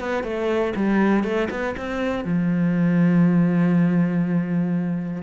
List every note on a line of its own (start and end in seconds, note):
0.00 0.24 B3
0.24 0.74 A3
0.76 1.24 G3
1.24 1.49 A3
1.50 1.75 B3
1.77 2.25 C4
2.25 5.23 F3